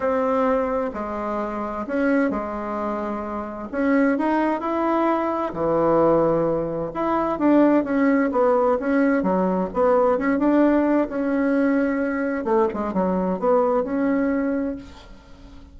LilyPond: \new Staff \with { instrumentName = "bassoon" } { \time 4/4 \tempo 4 = 130 c'2 gis2 | cis'4 gis2. | cis'4 dis'4 e'2 | e2. e'4 |
d'4 cis'4 b4 cis'4 | fis4 b4 cis'8 d'4. | cis'2. a8 gis8 | fis4 b4 cis'2 | }